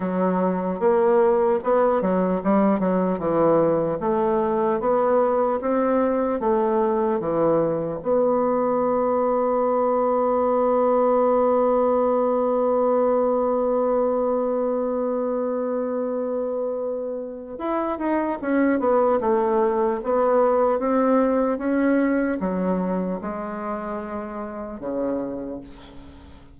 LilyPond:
\new Staff \with { instrumentName = "bassoon" } { \time 4/4 \tempo 4 = 75 fis4 ais4 b8 fis8 g8 fis8 | e4 a4 b4 c'4 | a4 e4 b2~ | b1~ |
b1~ | b2 e'8 dis'8 cis'8 b8 | a4 b4 c'4 cis'4 | fis4 gis2 cis4 | }